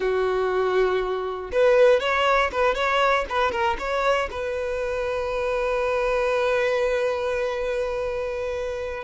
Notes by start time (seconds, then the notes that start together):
0.00 F#4
1.51 B4
2.00 C#5
2.51 B4
2.75 C#5
3.29 B4
3.51 A#4
3.78 C#5
4.30 B4